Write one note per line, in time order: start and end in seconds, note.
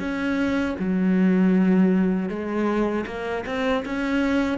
0.00 0.76 C#4
0.80 2.30 F#3
2.30 3.06 G#3
3.07 3.45 A#3
3.46 3.84 C4
3.86 4.58 C#4